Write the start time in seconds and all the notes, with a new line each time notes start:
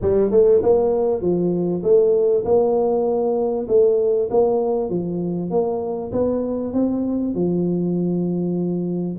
0.01 G3
0.31 A3
0.62 A#3
1.21 F3
1.83 A3
2.44 A#3
3.67 A3
4.30 A#3
4.89 F3
5.50 A#3
6.12 B3
6.73 C4
7.34 F3